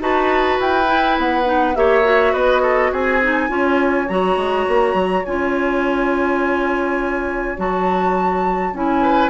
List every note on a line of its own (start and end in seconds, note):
0.00 0.58 D#4
0.00 0.85 F#4
0.00 1.77 B4
0.00 0.60 A5
0.60 1.18 E4
0.60 1.19 G5
0.85 1.43 E4
1.18 1.76 B3
1.18 1.76 F#5
1.45 1.74 D#4
1.75 2.34 A#3
1.75 2.04 G4
1.75 2.33 C#5
1.75 2.34 E5
2.04 3.20 F#4
2.33 2.92 B3
2.33 2.62 B4
2.33 2.92 D#5
2.62 2.91 A4
2.92 3.50 C4
2.92 3.50 G#4
2.92 4.08 G#5
3.22 3.49 D#4
3.49 4.08 C#4
3.49 4.07 F4
3.49 9.02 C#5
4.08 4.37 F#3
4.08 5.26 F#4
4.08 5.25 A#5
4.37 4.66 G#3
4.68 4.94 A#3
4.94 5.23 F#3
5.25 7.58 C#4
5.25 7.57 F4
5.25 7.58 G#5
7.57 8.73 F#3
7.57 8.74 F#4
7.57 8.76 A5
8.73 9.30 C#4
8.73 9.30 E4
8.73 9.30 G#5
9.02 9.30 B4